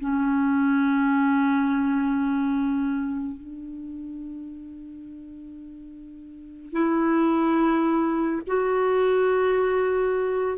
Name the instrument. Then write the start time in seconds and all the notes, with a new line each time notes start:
clarinet
0.00 C#4
3.37 D4
6.73 E4
8.47 F#4